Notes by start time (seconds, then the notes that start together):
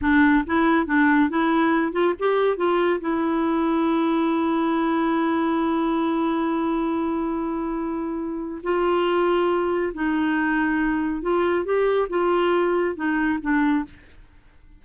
0.01 D4
0.46 E4
0.86 D4
1.29 E4
1.92 F4
2.19 G4
2.56 F4
3.00 E4
8.63 F4
9.94 D#4
11.22 F4
11.64 G4
12.09 F4
12.95 D#4
13.41 D4